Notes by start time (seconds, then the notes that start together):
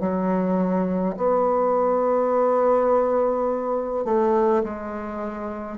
0.00 F#3
1.17 B3
4.05 A3
4.64 G#3